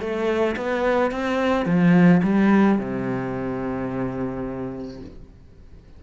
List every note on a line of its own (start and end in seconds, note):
0.00 0.56 A3
0.56 1.11 B3
1.11 1.65 C4
1.65 2.21 F3
2.23 2.79 G3
2.79 5.01 C3